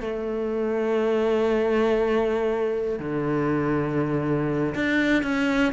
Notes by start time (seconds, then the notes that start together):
0.00 A3
2.99 D3
4.74 D4
5.22 C#4